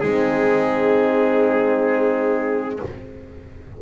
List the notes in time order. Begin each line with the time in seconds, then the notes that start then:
0.00 G#3 C4 D#4 G#4